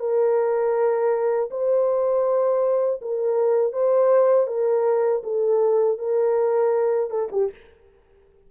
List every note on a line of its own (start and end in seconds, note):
0.00 1.50 A#4
1.51 3.01 C5
3.02 3.73 A#4
3.73 4.47 C5
4.47 5.22 A#4
5.24 5.99 A4
5.99 7.10 A#4
7.10 7.29 A4
7.32 7.51 G4